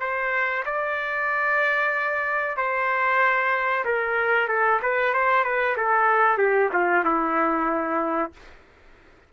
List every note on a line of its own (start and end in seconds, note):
0.00 0.64 C5
0.65 2.57 D5
2.57 3.85 C5
3.85 4.48 A#4
4.48 4.80 A4
4.82 5.14 B4
5.14 5.44 C5
5.44 5.76 B4
5.77 6.38 A4
6.38 6.70 G4
6.73 7.04 F4
7.04 8.32 E4